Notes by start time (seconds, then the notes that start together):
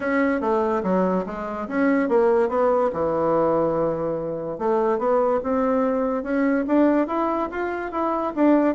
0.00 C#4
0.41 A3
0.83 F#3
1.26 G#3
1.68 C#4
2.08 A#3
2.48 B3
2.92 E3
4.58 A3
4.98 B3
5.43 C4
6.23 C#4
6.67 D4
7.07 E4
7.51 F4
7.91 E4
8.35 D4